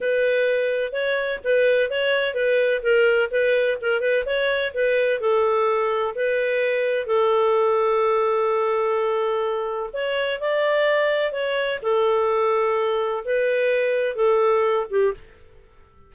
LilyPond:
\new Staff \with { instrumentName = "clarinet" } { \time 4/4 \tempo 4 = 127 b'2 cis''4 b'4 | cis''4 b'4 ais'4 b'4 | ais'8 b'8 cis''4 b'4 a'4~ | a'4 b'2 a'4~ |
a'1~ | a'4 cis''4 d''2 | cis''4 a'2. | b'2 a'4. g'8 | }